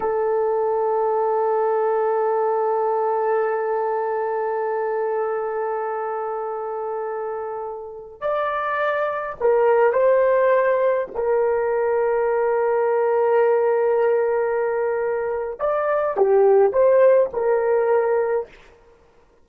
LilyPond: \new Staff \with { instrumentName = "horn" } { \time 4/4 \tempo 4 = 104 a'1~ | a'1~ | a'1~ | a'2~ a'16 d''4.~ d''16~ |
d''16 ais'4 c''2 ais'8.~ | ais'1~ | ais'2. d''4 | g'4 c''4 ais'2 | }